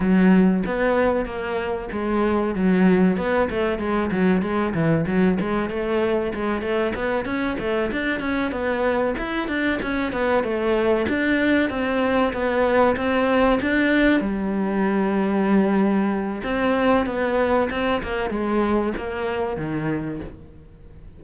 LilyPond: \new Staff \with { instrumentName = "cello" } { \time 4/4 \tempo 4 = 95 fis4 b4 ais4 gis4 | fis4 b8 a8 gis8 fis8 gis8 e8 | fis8 gis8 a4 gis8 a8 b8 cis'8 | a8 d'8 cis'8 b4 e'8 d'8 cis'8 |
b8 a4 d'4 c'4 b8~ | b8 c'4 d'4 g4.~ | g2 c'4 b4 | c'8 ais8 gis4 ais4 dis4 | }